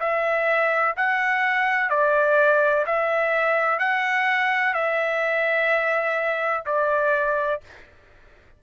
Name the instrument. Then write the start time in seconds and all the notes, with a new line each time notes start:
trumpet
0.00 E5
0.97 F#5
1.90 D5
2.87 E5
3.80 F#5
4.74 E5
6.66 D5